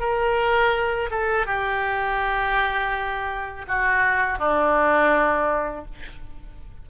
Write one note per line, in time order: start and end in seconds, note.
0.00 1.10 A#4
1.11 1.46 A4
1.46 3.66 G4
3.68 4.39 F#4
4.39 5.85 D4